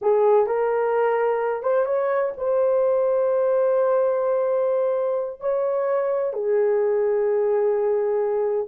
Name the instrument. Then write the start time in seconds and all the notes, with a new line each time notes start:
horn
0.01 G#4
0.46 A#4
1.63 C5
1.85 C#5
2.37 C5
5.40 C#5
6.33 G#4